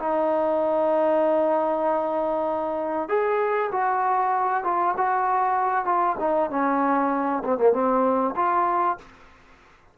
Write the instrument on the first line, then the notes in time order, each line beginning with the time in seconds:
trombone
0.00 D#4
3.09 G#4
3.72 F#4
4.64 F4
4.98 F#4
5.85 F4
6.20 D#4
6.51 C#4
7.45 C4
7.58 A#3
7.73 C4
8.36 F4